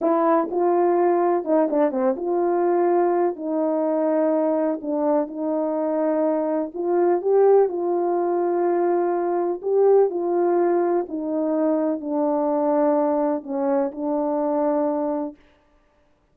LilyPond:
\new Staff \with { instrumentName = "horn" } { \time 4/4 \tempo 4 = 125 e'4 f'2 dis'8 d'8 | c'8 f'2~ f'8 dis'4~ | dis'2 d'4 dis'4~ | dis'2 f'4 g'4 |
f'1 | g'4 f'2 dis'4~ | dis'4 d'2. | cis'4 d'2. | }